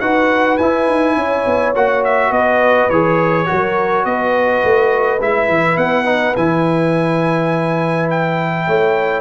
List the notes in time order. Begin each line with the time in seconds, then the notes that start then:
0.00 D#4 F#4 B4 F#5
0.57 E4 G#5
0.87 D#4
1.16 C#4 C#5
1.46 B3
1.75 A#3 F#4 F#5
2.04 E5
2.31 B3 B4 D#5
2.90 E3 G#4 C#5
3.46 F#3 F#4 A#4
4.05 B3 B4 D#5
4.64 A3
5.21 G#3 E4 E5
5.48 E3
5.77 B3 F#5
6.05 D#4
6.36 E3 E4 G#5
8.10 G5
8.67 A3 C#5